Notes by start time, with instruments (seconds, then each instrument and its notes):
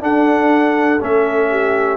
0.00 trombone D4, tuba D4, horn A4, trumpet F#5
1.01 tuba A3, trombone C#4, trumpet E5
1.51 horn G4